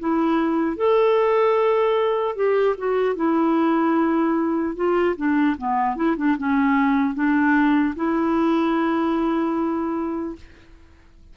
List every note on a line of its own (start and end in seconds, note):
0.00 0.77 E4
0.77 2.36 A4
2.36 2.76 G4
2.78 3.16 F#4
3.16 4.76 E4
4.76 5.16 F4
5.17 5.57 D4
5.58 5.96 B3
5.96 6.16 E4
6.17 6.37 D4
6.38 7.15 C#4
7.15 7.95 D4
7.96 10.36 E4